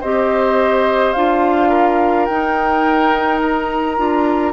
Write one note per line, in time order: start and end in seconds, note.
0.00 1.15 C4
0.00 1.16 G4
0.00 1.69 C5
0.00 1.12 D#5
1.12 2.28 D4
1.12 2.29 F4
1.12 2.25 F5
1.69 4.52 A#4
2.25 3.98 D#4
2.25 3.97 D#4
2.25 3.38 G5
3.42 4.52 A#5
3.97 4.52 D4
3.97 4.52 F4